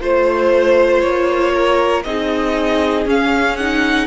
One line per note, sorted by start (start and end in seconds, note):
0.00 1.03 A3
0.00 2.03 F4
0.00 1.53 C5
0.00 1.01 C5
1.01 2.05 A#3
1.01 2.03 C#5
1.54 2.05 A#4
2.04 3.06 C4
2.04 3.06 D#4
2.04 4.07 G#4
2.04 3.06 D#5
3.06 4.07 C#4
3.06 3.57 C#4
3.06 3.57 F5
3.57 4.07 D#4
3.57 4.07 F#5